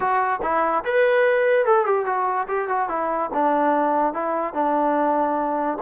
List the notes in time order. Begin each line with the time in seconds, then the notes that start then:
0.00 F#4
0.42 E4
0.84 B4
1.65 A4
1.85 G4
2.05 F#4
2.48 G4
2.68 F#4
2.89 E4
3.33 D4
4.13 E4
4.53 D4